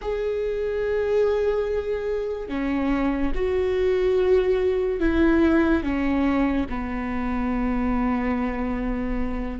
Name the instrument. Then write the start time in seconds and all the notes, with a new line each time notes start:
viola
0.01 G#4
2.48 C#4
3.34 F#4
5.00 E4
5.83 C#4
6.69 B3